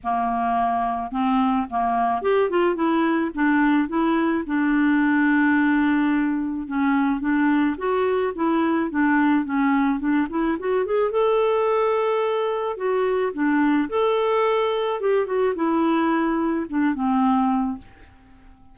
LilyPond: \new Staff \with { instrumentName = "clarinet" } { \time 4/4 \tempo 4 = 108 ais2 c'4 ais4 | g'8 f'8 e'4 d'4 e'4 | d'1 | cis'4 d'4 fis'4 e'4 |
d'4 cis'4 d'8 e'8 fis'8 gis'8 | a'2. fis'4 | d'4 a'2 g'8 fis'8 | e'2 d'8 c'4. | }